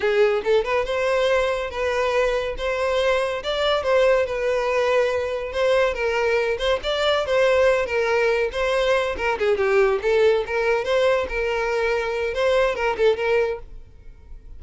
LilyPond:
\new Staff \with { instrumentName = "violin" } { \time 4/4 \tempo 4 = 141 gis'4 a'8 b'8 c''2 | b'2 c''2 | d''4 c''4 b'2~ | b'4 c''4 ais'4. c''8 |
d''4 c''4. ais'4. | c''4. ais'8 gis'8 g'4 a'8~ | a'8 ais'4 c''4 ais'4.~ | ais'4 c''4 ais'8 a'8 ais'4 | }